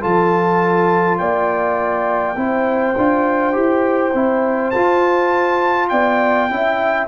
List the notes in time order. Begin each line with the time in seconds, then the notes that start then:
0.00 F3 F4 A4 A5
1.18 A#3 D5 G5
2.36 C4 E4 C5
2.97 D4 F4
3.52 E4 G4
4.14 C4 E4
4.70 F4 A5
5.89 B3 D5 G5
6.50 C#4 E4 E5